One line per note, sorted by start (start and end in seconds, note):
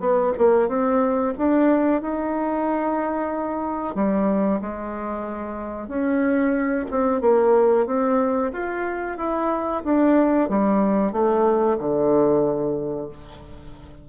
0.00 0.33 B3
0.39 0.68 A#3
0.68 1.34 C4
1.38 2.02 D4
2.02 3.95 D#4
3.95 4.61 G3
4.61 5.88 G#3
5.88 6.86 C#4
6.91 7.22 C4
7.22 7.87 A#3
7.87 8.52 C4
8.53 9.18 F4
9.18 9.83 E4
9.85 10.49 D4
10.49 11.13 G3
11.13 11.78 A3
11.78 13.09 D3